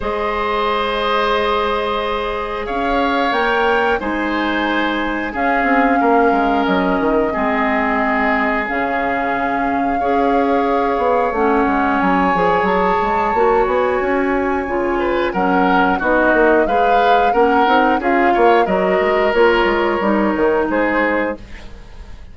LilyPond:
<<
  \new Staff \with { instrumentName = "flute" } { \time 4/4 \tempo 4 = 90 dis''1 | f''4 g''4 gis''2 | f''2 dis''2~ | dis''4 f''2.~ |
f''4 fis''4 gis''4 a''4~ | a''8 gis''2~ gis''8 fis''4 | dis''4 f''4 fis''4 f''4 | dis''4 cis''2 c''4 | }
  \new Staff \with { instrumentName = "oboe" } { \time 4/4 c''1 | cis''2 c''2 | gis'4 ais'2 gis'4~ | gis'2. cis''4~ |
cis''1~ | cis''2~ cis''8 b'8 ais'4 | fis'4 b'4 ais'4 gis'8 cis''8 | ais'2. gis'4 | }
  \new Staff \with { instrumentName = "clarinet" } { \time 4/4 gis'1~ | gis'4 ais'4 dis'2 | cis'2. c'4~ | c'4 cis'2 gis'4~ |
gis'4 cis'4. gis'4. | fis'2 f'4 cis'4 | dis'4 gis'4 cis'8 dis'8 f'4 | fis'4 f'4 dis'2 | }
  \new Staff \with { instrumentName = "bassoon" } { \time 4/4 gis1 | cis'4 ais4 gis2 | cis'8 c'8 ais8 gis8 fis8 dis8 gis4~ | gis4 cis2 cis'4~ |
cis'8 b8 a8 gis8 fis8 f8 fis8 gis8 | ais8 b8 cis'4 cis4 fis4 | b8 ais8 gis4 ais8 c'8 cis'8 ais8 | fis8 gis8 ais8 gis8 g8 dis8 gis4 | }
>>